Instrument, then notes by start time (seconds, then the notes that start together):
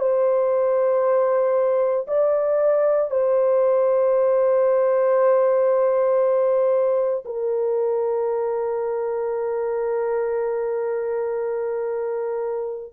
horn
0.00 C5
2.07 D5
3.10 C5
7.25 A#4